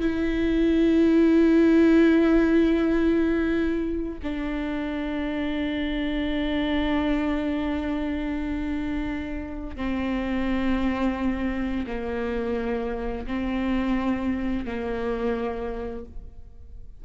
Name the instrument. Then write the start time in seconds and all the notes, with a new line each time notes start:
viola
0.00 E4
4.23 D4
9.76 C4
11.87 A#3
13.27 C4
14.65 A#3